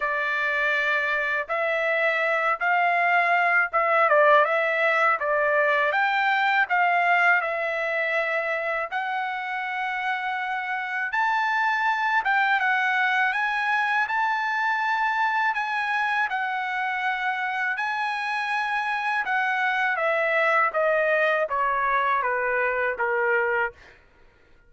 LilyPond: \new Staff \with { instrumentName = "trumpet" } { \time 4/4 \tempo 4 = 81 d''2 e''4. f''8~ | f''4 e''8 d''8 e''4 d''4 | g''4 f''4 e''2 | fis''2. a''4~ |
a''8 g''8 fis''4 gis''4 a''4~ | a''4 gis''4 fis''2 | gis''2 fis''4 e''4 | dis''4 cis''4 b'4 ais'4 | }